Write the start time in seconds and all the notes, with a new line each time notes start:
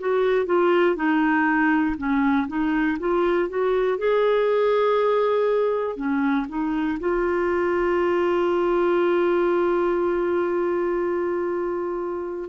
0.00 F#4
0.46 F4
0.96 D#4
1.98 C#4
2.48 D#4
3.00 F4
3.50 F#4
3.98 G#4
5.97 C#4
6.49 D#4
7.00 F4